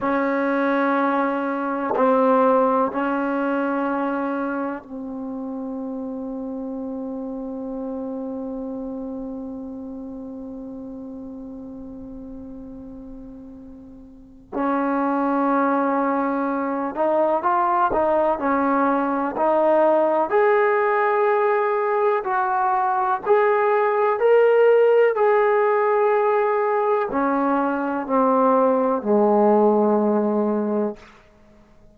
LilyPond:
\new Staff \with { instrumentName = "trombone" } { \time 4/4 \tempo 4 = 62 cis'2 c'4 cis'4~ | cis'4 c'2.~ | c'1~ | c'2. cis'4~ |
cis'4. dis'8 f'8 dis'8 cis'4 | dis'4 gis'2 fis'4 | gis'4 ais'4 gis'2 | cis'4 c'4 gis2 | }